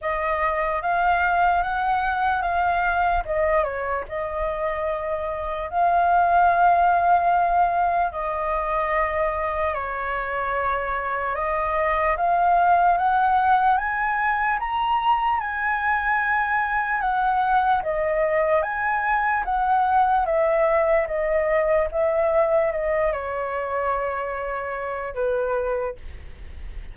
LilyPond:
\new Staff \with { instrumentName = "flute" } { \time 4/4 \tempo 4 = 74 dis''4 f''4 fis''4 f''4 | dis''8 cis''8 dis''2 f''4~ | f''2 dis''2 | cis''2 dis''4 f''4 |
fis''4 gis''4 ais''4 gis''4~ | gis''4 fis''4 dis''4 gis''4 | fis''4 e''4 dis''4 e''4 | dis''8 cis''2~ cis''8 b'4 | }